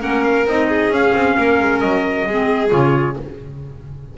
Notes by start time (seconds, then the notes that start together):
0.00 A#3 C#4 A#4 F#5
0.24 F5
0.46 C4 D#4 D#5
0.69 G#4
0.90 C#4 F5
1.14 C4
1.37 A#3 A#4
1.60 G#3
1.80 F#3 D#5
2.26 G#3 C4 G#4
2.69 C#3 F4 C#5